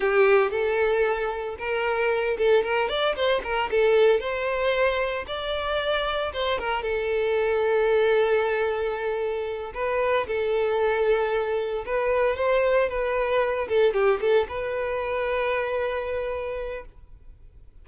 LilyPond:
\new Staff \with { instrumentName = "violin" } { \time 4/4 \tempo 4 = 114 g'4 a'2 ais'4~ | ais'8 a'8 ais'8 d''8 c''8 ais'8 a'4 | c''2 d''2 | c''8 ais'8 a'2.~ |
a'2~ a'8 b'4 a'8~ | a'2~ a'8 b'4 c''8~ | c''8 b'4. a'8 g'8 a'8 b'8~ | b'1 | }